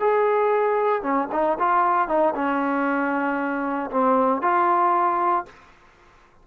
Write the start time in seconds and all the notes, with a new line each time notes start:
0.00 G#4
1.03 C#4
1.32 D#4
1.59 F4
2.08 D#4
2.35 C#4
3.91 C4
4.42 F4